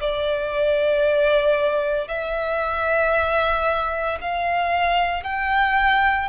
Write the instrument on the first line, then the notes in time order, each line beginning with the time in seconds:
violin
0.00 D5
2.08 E5
4.21 F5
5.23 G5